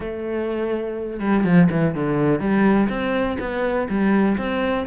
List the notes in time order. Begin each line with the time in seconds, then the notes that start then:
0.00 A3
1.19 G3
1.44 F3
1.70 E3
1.95 D3
2.40 G3
2.89 C4
3.39 B3
3.89 G3
4.37 C4